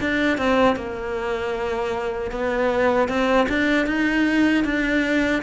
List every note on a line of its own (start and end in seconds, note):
0.00 0.38 D4
0.38 0.76 C4
0.76 2.31 A#3
2.31 3.08 B3
3.08 3.47 C4
3.49 3.86 D4
3.86 4.64 D#4
4.64 5.42 D4